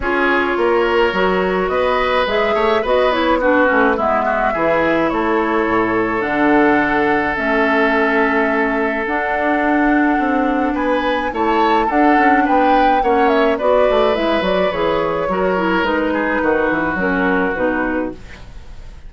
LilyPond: <<
  \new Staff \with { instrumentName = "flute" } { \time 4/4 \tempo 4 = 106 cis''2. dis''4 | e''4 dis''8 cis''8 b'4 e''4~ | e''4 cis''2 fis''4~ | fis''4 e''2. |
fis''2. gis''4 | a''4 fis''4 g''4 fis''8 e''8 | d''4 e''8 d''8 cis''2 | b'2 ais'4 b'4 | }
  \new Staff \with { instrumentName = "oboe" } { \time 4/4 gis'4 ais'2 b'4~ | b'8 cis''8 b'4 fis'4 e'8 fis'8 | gis'4 a'2.~ | a'1~ |
a'2. b'4 | cis''4 a'4 b'4 cis''4 | b'2. ais'4~ | ais'8 gis'8 fis'2. | }
  \new Staff \with { instrumentName = "clarinet" } { \time 4/4 f'2 fis'2 | gis'4 fis'8 e'8 d'8 cis'8 b4 | e'2. d'4~ | d'4 cis'2. |
d'1 | e'4 d'2 cis'4 | fis'4 e'8 fis'8 gis'4 fis'8 e'8 | dis'2 cis'4 dis'4 | }
  \new Staff \with { instrumentName = "bassoon" } { \time 4/4 cis'4 ais4 fis4 b4 | gis8 a8 b4. a8 gis4 | e4 a4 a,4 d4~ | d4 a2. |
d'2 c'4 b4 | a4 d'8 cis'8 b4 ais4 | b8 a8 gis8 fis8 e4 fis4 | gis4 dis8 e8 fis4 b,4 | }
>>